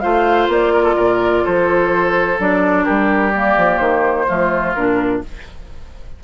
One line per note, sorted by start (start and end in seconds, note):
0.00 0.48 A3
0.00 2.38 F4
0.00 0.73 C5
0.00 0.47 F5
0.48 0.95 A#3
0.48 1.45 D5
0.73 0.83 A#4
0.83 0.95 A4
0.96 1.44 A#2
0.96 1.43 A#4
1.44 2.39 F3
1.44 2.84 A4
1.44 2.39 C5
2.38 2.86 F#3
2.38 3.33 D4
2.38 2.84 D5
2.84 3.57 G3
2.84 4.26 G4
2.84 3.31 A#4
3.32 4.27 A#3
3.32 3.77 D5
3.57 3.79 F3
3.77 4.26 D#3
3.77 4.72 C5
4.27 4.75 F3
4.27 4.75 A3
4.27 5.22 F4
4.74 5.23 A#2
4.74 5.23 D4
4.74 5.21 A#4